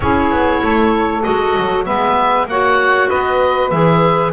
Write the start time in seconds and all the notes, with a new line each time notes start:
0.00 C#4 E4 G#4 C#5
0.30 B3
0.62 A3 A4
1.22 G#3 F#4 D#5
1.58 F#3
1.85 G#3 B3 B4 E5
2.46 A#3 F#4 C#5 F#5
3.08 B3 B4 D#5
3.70 E3 G#4 E5